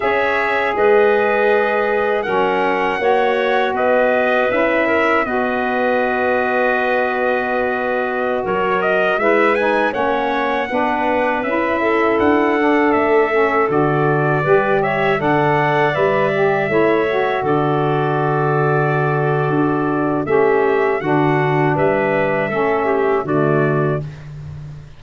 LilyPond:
<<
  \new Staff \with { instrumentName = "trumpet" } { \time 4/4 \tempo 4 = 80 e''4 dis''2 fis''4~ | fis''4 dis''4 e''4 dis''4~ | dis''2.~ dis''16 cis''8 dis''16~ | dis''16 e''8 gis''8 fis''2 e''8.~ |
e''16 fis''4 e''4 d''4. e''16~ | e''16 fis''4 e''2 d''8.~ | d''2. e''4 | fis''4 e''2 d''4 | }
  \new Staff \with { instrumentName = "clarinet" } { \time 4/4 cis''4 b'2 ais'4 | cis''4 b'4. ais'8 b'4~ | b'2.~ b'16 ais'8.~ | ais'16 b'4 cis''4 b'4. a'16~ |
a'2.~ a'16 b'8 cis''16~ | cis''16 d''2 cis''4 a'8.~ | a'2. g'4 | fis'4 b'4 a'8 g'8 fis'4 | }
  \new Staff \with { instrumentName = "saxophone" } { \time 4/4 gis'2. cis'4 | fis'2 e'4 fis'4~ | fis'1~ | fis'16 e'8 dis'8 cis'4 d'4 e'8.~ |
e'8. d'4 cis'8 fis'4 g'8.~ | g'16 a'4 b'8 g'8 e'8 fis'4~ fis'16~ | fis'2. cis'4 | d'2 cis'4 a4 | }
  \new Staff \with { instrumentName = "tuba" } { \time 4/4 cis'4 gis2 fis4 | ais4 b4 cis'4 b4~ | b2.~ b16 fis8.~ | fis16 gis4 ais4 b4 cis'8.~ |
cis'16 d'4 a4 d4 g8.~ | g16 d4 g4 a4 d8.~ | d2 d'4 a4 | d4 g4 a4 d4 | }
>>